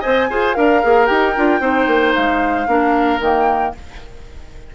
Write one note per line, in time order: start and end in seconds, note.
0.00 0.30 C4
0.00 0.29 C5
0.00 0.27 D#5
0.00 0.54 G#5
0.30 0.57 F4
0.30 0.54 G#4
0.30 0.56 C5
0.54 0.83 D4
0.54 0.81 A#4
0.54 1.61 A#4
0.54 1.06 F5
0.83 1.10 A#3
0.83 1.07 G#4
1.06 1.36 D#4
1.06 1.33 G4
1.06 2.12 G5
1.36 1.60 D4
1.36 1.60 F4
1.60 1.86 C4
1.60 2.66 D#4
1.60 2.67 C5
1.87 2.13 A#3
2.14 2.67 G#3
2.14 3.20 F5
2.67 3.20 A#3
2.67 3.20 D4
2.67 3.75 A#4
3.20 3.74 D#3
3.20 3.74 A#3
3.20 3.75 G5